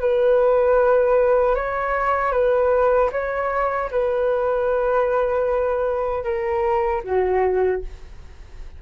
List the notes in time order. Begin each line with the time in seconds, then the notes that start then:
0.00 B4
1.55 C#5
2.32 B4
3.12 C#5
3.91 B4
6.24 A#4
7.04 F#4